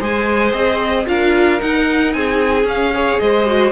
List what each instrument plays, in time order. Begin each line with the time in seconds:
0.00 cello G#3, viola G#4, violin C5 G#5
0.53 cello C4, violin D#5
1.07 cello D4, viola F4, violin A#4 F5
1.60 viola D#4, cello D#4, violin F#5
2.13 cello C4, violin G#4 G#5
2.65 cello C#4, viola C#4, violin F5
2.94 viola G#4, violin C#5
3.20 cello G#3, violin C5 D#5
3.47 viola F#4